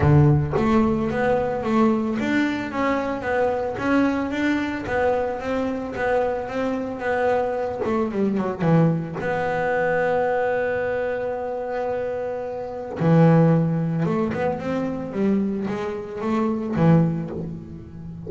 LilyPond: \new Staff \with { instrumentName = "double bass" } { \time 4/4 \tempo 4 = 111 d4 a4 b4 a4 | d'4 cis'4 b4 cis'4 | d'4 b4 c'4 b4 | c'4 b4. a8 g8 fis8 |
e4 b2.~ | b1 | e2 a8 b8 c'4 | g4 gis4 a4 e4 | }